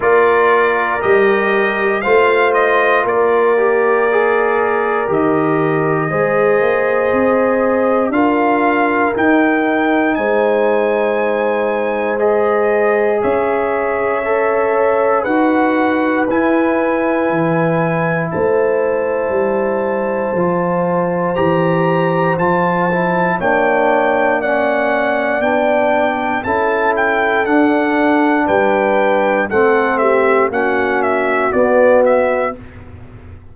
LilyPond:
<<
  \new Staff \with { instrumentName = "trumpet" } { \time 4/4 \tempo 4 = 59 d''4 dis''4 f''8 dis''8 d''4~ | d''4 dis''2. | f''4 g''4 gis''2 | dis''4 e''2 fis''4 |
gis''2 a''2~ | a''4 ais''4 a''4 g''4 | fis''4 g''4 a''8 g''8 fis''4 | g''4 fis''8 e''8 fis''8 e''8 d''8 e''8 | }
  \new Staff \with { instrumentName = "horn" } { \time 4/4 ais'2 c''4 ais'4~ | ais'2 c''2 | ais'2 c''2~ | c''4 cis''2 b'4~ |
b'2 c''2~ | c''2. cis''4 | d''2 a'2 | b'4 a'8 g'8 fis'2 | }
  \new Staff \with { instrumentName = "trombone" } { \time 4/4 f'4 g'4 f'4. g'8 | gis'4 g'4 gis'2 | f'4 dis'2. | gis'2 a'4 fis'4 |
e'1 | f'4 g'4 f'8 e'8 d'4 | cis'4 d'4 e'4 d'4~ | d'4 c'4 cis'4 b4 | }
  \new Staff \with { instrumentName = "tuba" } { \time 4/4 ais4 g4 a4 ais4~ | ais4 dis4 gis8 ais8 c'4 | d'4 dis'4 gis2~ | gis4 cis'2 dis'4 |
e'4 e4 a4 g4 | f4 e4 f4 ais4~ | ais4 b4 cis'4 d'4 | g4 a4 ais4 b4 | }
>>